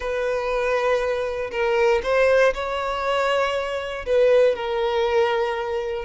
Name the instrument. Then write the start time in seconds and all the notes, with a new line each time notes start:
violin
0.00 B4
1.51 A#4
2.03 C5
2.54 C#5
4.05 B4
4.55 A#4